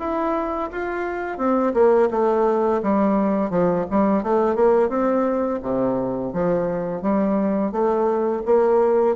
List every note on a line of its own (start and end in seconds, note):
0.00 0.71 E4
0.72 1.38 F4
1.38 1.74 C4
1.75 2.10 A#3
2.11 2.82 A3
2.83 3.51 G3
3.51 3.86 F3
3.90 4.24 G3
4.24 4.56 A3
4.56 4.90 A#3
4.90 5.60 C4
5.63 6.33 C3
6.34 7.02 F3
7.02 7.73 G3
7.73 8.43 A3
8.46 9.16 A#3